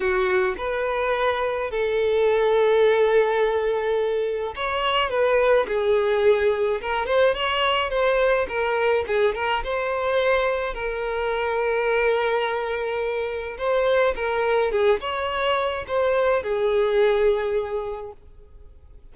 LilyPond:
\new Staff \with { instrumentName = "violin" } { \time 4/4 \tempo 4 = 106 fis'4 b'2 a'4~ | a'1 | cis''4 b'4 gis'2 | ais'8 c''8 cis''4 c''4 ais'4 |
gis'8 ais'8 c''2 ais'4~ | ais'1 | c''4 ais'4 gis'8 cis''4. | c''4 gis'2. | }